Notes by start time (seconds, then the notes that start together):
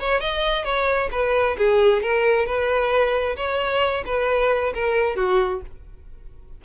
0.00 C#5
0.21 D#5
0.65 C#5
1.12 B4
1.58 G#4
2.03 A#4
2.46 B4
3.36 C#5
4.06 B4
4.74 A#4
5.16 F#4